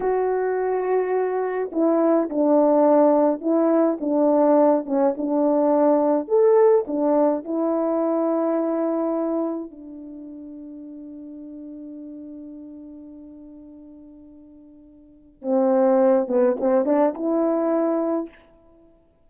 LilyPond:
\new Staff \with { instrumentName = "horn" } { \time 4/4 \tempo 4 = 105 fis'2. e'4 | d'2 e'4 d'4~ | d'8 cis'8 d'2 a'4 | d'4 e'2.~ |
e'4 d'2.~ | d'1~ | d'2. c'4~ | c'8 b8 c'8 d'8 e'2 | }